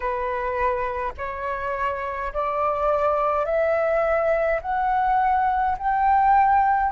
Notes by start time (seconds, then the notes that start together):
0.00 B4
1.17 C#5
2.33 D5
3.45 E5
4.62 F#5
5.77 G5